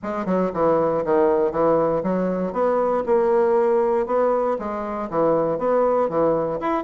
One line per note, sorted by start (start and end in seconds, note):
0.03 0.25 G#3
0.25 0.51 F#3
0.53 1.04 E3
1.04 1.51 D#3
1.51 2.02 E3
2.03 2.52 F#3
2.52 3.03 B3
3.06 4.06 A#3
4.06 4.57 B3
4.58 5.09 G#3
5.10 5.58 E3
5.58 6.09 B3
6.09 6.60 E3
6.60 6.84 E4